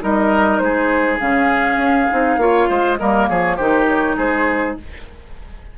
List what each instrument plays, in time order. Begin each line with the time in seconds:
0.00 bassoon G3, clarinet D#4, oboe A#4, flute D#5
0.58 bassoon G#3, oboe G#4, flute C5
1.20 bassoon C#3, clarinet C#4, flute F5
1.77 bassoon C#4
2.10 bassoon C4, clarinet D#4
2.37 bassoon A#3, clarinet F4, oboe C#5
2.69 bassoon G#3, oboe C5
2.97 bassoon G3, clarinet A#3, oboe A#4, flute D#5
3.28 bassoon F3, oboe G#4, flute C#5
3.56 bassoon D#3, clarinet D#4, oboe G4, flute C5
3.87 flute C#5
4.17 bassoon G#3, oboe G#4, flute C5